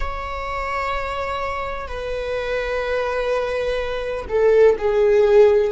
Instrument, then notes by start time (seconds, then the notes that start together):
viola
0.00 C#5
1.87 B4
4.29 A4
4.77 G#4